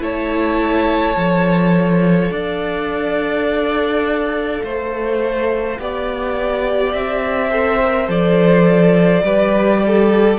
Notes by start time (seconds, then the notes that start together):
0.00 A3 E4 C#5 A5
1.17 F3 A4
2.31 D4 D5 F5
4.63 A3 C5
5.79 B3 G4 D5
6.93 C4 E5
7.50 A4 C5
7.83 A#4
8.08 F3 A4 D5
9.22 G3 G4 B4
9.87 A4